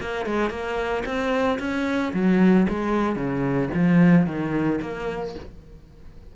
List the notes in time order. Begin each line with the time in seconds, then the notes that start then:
0.00 A#3
0.25 G#3
0.49 A#3
1.05 C4
1.59 C#4
2.13 F#3
2.69 G#3
3.15 C#3
3.73 F3
4.26 D#3
4.81 A#3